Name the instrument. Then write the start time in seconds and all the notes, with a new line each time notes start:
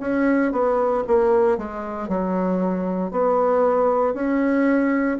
bassoon
0.00 C#4
0.52 B3
1.07 A#3
1.57 G#3
2.08 F#3
3.11 B3
4.14 C#4